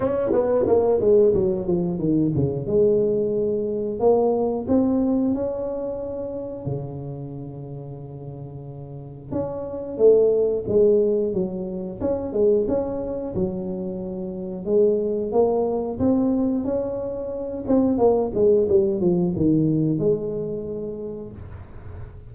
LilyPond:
\new Staff \with { instrumentName = "tuba" } { \time 4/4 \tempo 4 = 90 cis'8 b8 ais8 gis8 fis8 f8 dis8 cis8 | gis2 ais4 c'4 | cis'2 cis2~ | cis2 cis'4 a4 |
gis4 fis4 cis'8 gis8 cis'4 | fis2 gis4 ais4 | c'4 cis'4. c'8 ais8 gis8 | g8 f8 dis4 gis2 | }